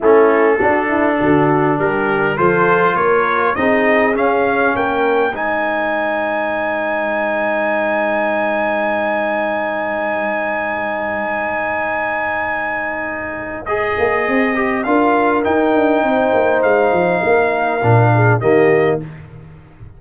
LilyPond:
<<
  \new Staff \with { instrumentName = "trumpet" } { \time 4/4 \tempo 4 = 101 a'2. ais'4 | c''4 cis''4 dis''4 f''4 | g''4 gis''2.~ | gis''1~ |
gis''1~ | gis''2. dis''4~ | dis''4 f''4 g''2 | f''2. dis''4 | }
  \new Staff \with { instrumentName = "horn" } { \time 4/4 e'4 fis'8 e'8 fis'4 g'4 | a'4 ais'4 gis'2 | ais'4 c''2.~ | c''1~ |
c''1~ | c''1~ | c''4 ais'2 c''4~ | c''4 ais'4. gis'8 g'4 | }
  \new Staff \with { instrumentName = "trombone" } { \time 4/4 cis'4 d'2. | f'2 dis'4 cis'4~ | cis'4 dis'2.~ | dis'1~ |
dis'1~ | dis'2. gis'4~ | gis'8 g'8 f'4 dis'2~ | dis'2 d'4 ais4 | }
  \new Staff \with { instrumentName = "tuba" } { \time 4/4 a4 d'4 d4 g4 | f4 ais4 c'4 cis'4 | ais4 gis2.~ | gis1~ |
gis1~ | gis2.~ gis8 ais8 | c'4 d'4 dis'8 d'8 c'8 ais8 | gis8 f8 ais4 ais,4 dis4 | }
>>